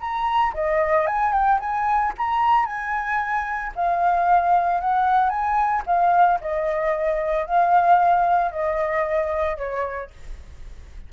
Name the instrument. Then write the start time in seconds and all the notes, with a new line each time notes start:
flute
0.00 A#5
0.54 D#5
1.07 G#5
1.33 G5
1.60 G#5
2.18 A#5
2.66 G#5
3.75 F5
4.81 F#5
5.29 G#5
5.86 F5
6.41 D#5
7.46 F5
8.51 D#5
9.57 C#5